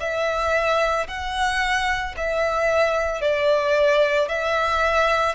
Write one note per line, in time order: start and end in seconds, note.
0.00 1.07 E5
1.08 2.15 F#5
2.17 3.21 E5
3.21 4.29 D5
4.29 5.35 E5